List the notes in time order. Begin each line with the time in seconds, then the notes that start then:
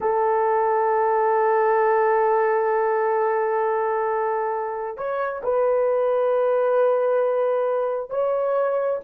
0.01 A4
4.97 C#5
5.43 B4
8.10 C#5